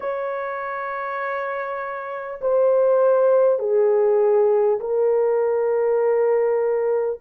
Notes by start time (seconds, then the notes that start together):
0.00 C#5
2.41 C5
3.59 G#4
4.79 A#4